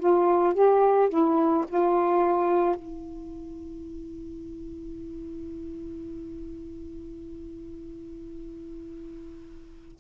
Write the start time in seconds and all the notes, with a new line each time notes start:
0.00 F4
0.55 G4
1.10 E4
1.69 F4
2.76 E4